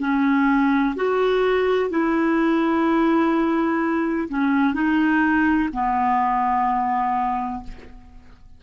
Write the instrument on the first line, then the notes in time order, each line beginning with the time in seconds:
clarinet
0.00 C#4
0.96 F#4
1.90 E4
4.29 C#4
4.74 D#4
5.73 B3